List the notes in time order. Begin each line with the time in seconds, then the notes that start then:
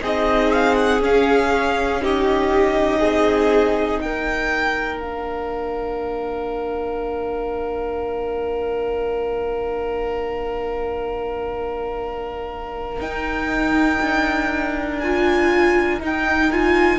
0.00 C4 D#4 G#4 D#5
0.52 F5
0.75 F#5
1.01 C#4 F5
2.01 D#4 G4 D#5
3.00 C4 G#4
4.01 A#3 A#4 G5
5.00 D4 F5
12.99 D#4 G5
14.01 D4
14.99 F4 G#5
16.00 D#4 G5
16.51 F4 G#5